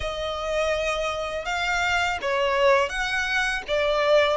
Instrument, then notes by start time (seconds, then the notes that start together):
violin
0.00 D#5
1.45 F5
2.22 C#5
2.89 F#5
3.67 D5